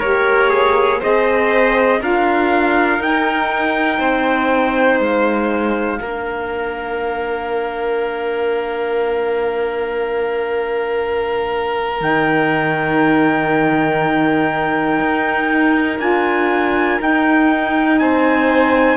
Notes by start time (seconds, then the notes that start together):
0.00 A#3 G4 A#4 C#5
0.50 G#4
1.00 C4 G#4 C5 D#5
2.00 D4 F4 A#4 F5
2.99 D#4 G5
4.00 C4 C5
5.00 G#3 F5
6.00 A#3 D4 A#4
11.99 D#3 D#4 G5
15.00 D#4
16.00 D4 F4 G#5
17.00 D#4 G5
17.99 C4 C5 G#5